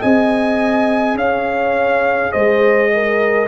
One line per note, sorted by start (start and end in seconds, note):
0.00 1.15 C4
0.00 3.48 G#4
0.00 1.15 D#5
0.00 1.17 G#5
1.15 2.31 C#4
1.15 2.32 C#5
1.15 2.32 F5
2.32 3.48 G#3
2.32 2.90 C5
2.32 3.48 D#5
2.94 3.48 A#4